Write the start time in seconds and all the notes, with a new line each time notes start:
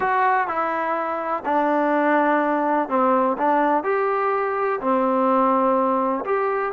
0.00 F#4
0.47 E4
1.45 D4
2.88 C4
3.37 D4
3.83 G4
4.80 C4
6.24 G4